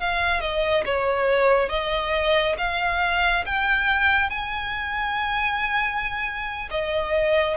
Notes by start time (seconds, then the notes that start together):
0.00 F5
0.41 D#5
0.85 C#5
1.69 D#5
2.58 F5
3.46 G5
4.30 G#5
6.71 D#5